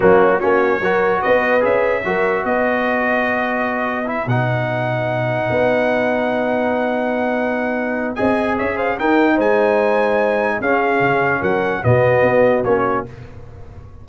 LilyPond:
<<
  \new Staff \with { instrumentName = "trumpet" } { \time 4/4 \tempo 4 = 147 fis'4 cis''2 dis''4 | e''2 dis''2~ | dis''2 e''8 fis''4.~ | fis''1~ |
fis''1 | gis''4 e''8 f''8 g''4 gis''4~ | gis''2 f''2 | fis''4 dis''2 cis''4 | }
  \new Staff \with { instrumentName = "horn" } { \time 4/4 cis'4 fis'4 ais'4 b'4~ | b'4 ais'4 b'2~ | b'1~ | b'1~ |
b'1 | dis''4 cis''8 c''8 ais'4 c''4~ | c''2 gis'2 | ais'4 fis'2. | }
  \new Staff \with { instrumentName = "trombone" } { \time 4/4 ais4 cis'4 fis'2 | gis'4 fis'2.~ | fis'2 e'8 dis'4.~ | dis'1~ |
dis'1 | gis'2 dis'2~ | dis'2 cis'2~ | cis'4 b2 cis'4 | }
  \new Staff \with { instrumentName = "tuba" } { \time 4/4 fis4 ais4 fis4 b4 | cis'4 fis4 b2~ | b2~ b8 b,4.~ | b,4. b2~ b8~ |
b1 | c'4 cis'4 dis'4 gis4~ | gis2 cis'4 cis4 | fis4 b,4 b4 ais4 | }
>>